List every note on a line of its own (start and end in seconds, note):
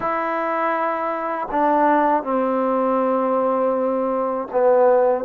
0.00 1.48 E4
1.51 2.23 D4
2.23 4.48 C4
4.51 5.25 B3